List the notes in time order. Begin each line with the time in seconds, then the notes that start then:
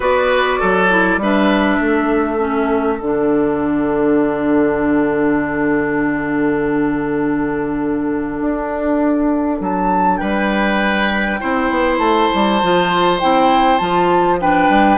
0.00 B3 F#4 B4 D5
0.59 F#3 A4
0.89 E4
1.17 G3 D4 B4 E5
1.80 A3 A4
2.38 C#4
3.00 D3 D4 F#5
8.40 D4
9.60 F#3 A5
10.17 G3 B4 G5
11.40 C4 E4 C5
11.70 B3
11.97 A3 A5
12.34 G3
12.62 F3 F4
13.19 C4 E4 G5
13.78 F3 F4 A5
14.39 D4 B4 G5
14.69 G3